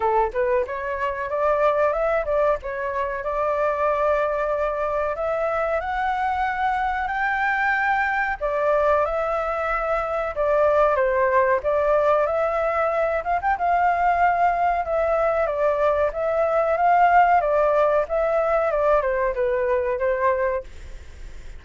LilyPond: \new Staff \with { instrumentName = "flute" } { \time 4/4 \tempo 4 = 93 a'8 b'8 cis''4 d''4 e''8 d''8 | cis''4 d''2. | e''4 fis''2 g''4~ | g''4 d''4 e''2 |
d''4 c''4 d''4 e''4~ | e''8 f''16 g''16 f''2 e''4 | d''4 e''4 f''4 d''4 | e''4 d''8 c''8 b'4 c''4 | }